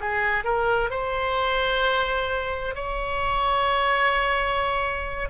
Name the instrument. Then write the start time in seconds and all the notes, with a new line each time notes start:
oboe
0.00 G#4
0.44 A#4
0.90 C5
2.75 C#5